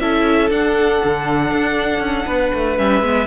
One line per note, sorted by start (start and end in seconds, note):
0.00 0.51 C#4
0.00 0.51 E4
0.00 2.26 A4
0.00 0.50 E5
0.51 1.01 D4
0.51 2.78 D4
0.51 2.78 F#5
1.04 1.52 D3
1.52 2.00 D4
2.00 2.25 C#4
2.26 2.52 B3
2.26 3.27 B4
2.54 2.79 A3
2.78 3.02 G3
2.78 3.03 C#4
2.78 3.27 E5
3.02 3.27 G#3
3.02 3.27 B3